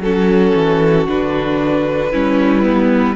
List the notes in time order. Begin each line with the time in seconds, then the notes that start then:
0.00 F#3 C#4 F#4 A4
0.55 E3
1.09 D3 D4 B4
2.11 G3 C#4 E4
2.64 B3